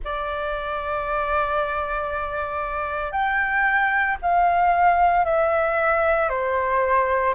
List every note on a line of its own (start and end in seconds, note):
0.04 3.11 D5
3.11 4.17 G5
4.22 5.24 F5
5.24 6.29 E5
6.29 7.34 C5